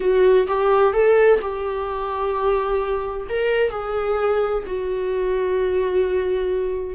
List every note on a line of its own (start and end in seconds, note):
0.00 0.47 F#4
0.47 0.93 G4
0.93 1.39 A4
1.41 3.27 G4
3.29 3.70 A#4
3.70 4.63 G#4
4.66 6.95 F#4